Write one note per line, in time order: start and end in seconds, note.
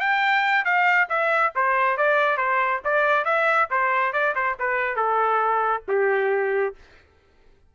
0.00 0.65 G5
0.65 1.08 F5
1.09 1.53 E5
1.55 1.97 C5
1.97 2.37 D5
2.37 2.81 C5
2.84 3.25 D5
3.25 3.68 E5
3.71 4.13 C5
4.13 4.34 D5
4.35 4.57 C5
4.59 4.96 B4
4.96 5.83 A4
5.88 6.75 G4